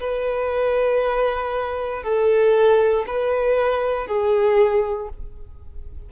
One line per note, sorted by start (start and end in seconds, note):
0.00 2.03 B4
2.03 3.05 A4
3.06 4.07 B4
4.07 5.08 G#4